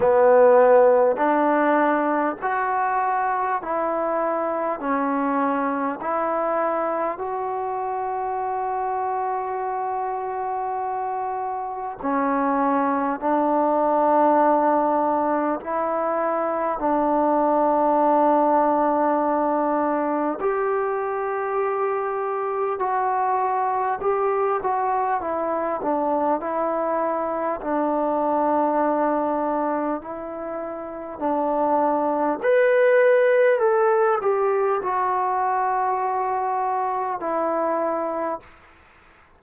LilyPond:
\new Staff \with { instrumentName = "trombone" } { \time 4/4 \tempo 4 = 50 b4 d'4 fis'4 e'4 | cis'4 e'4 fis'2~ | fis'2 cis'4 d'4~ | d'4 e'4 d'2~ |
d'4 g'2 fis'4 | g'8 fis'8 e'8 d'8 e'4 d'4~ | d'4 e'4 d'4 b'4 | a'8 g'8 fis'2 e'4 | }